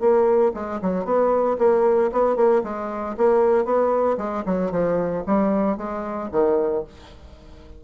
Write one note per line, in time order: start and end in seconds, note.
0.00 0.52 A#3
0.54 0.80 G#3
0.82 1.05 F#3
1.05 1.57 B3
1.58 2.11 A#3
2.12 2.36 B3
2.36 2.62 A#3
2.64 3.16 G#3
3.17 3.65 A#3
3.65 4.17 B3
4.17 4.43 G#3
4.46 4.71 F#3
4.71 5.23 F3
5.26 5.77 G3
5.77 6.29 G#3
6.32 6.84 D#3